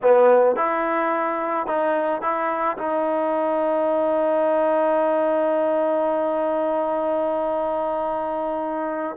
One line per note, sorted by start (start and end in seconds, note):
0.02 0.56 B3
0.56 1.66 E4
1.66 2.21 D#4
2.21 2.77 E4
2.77 9.16 D#4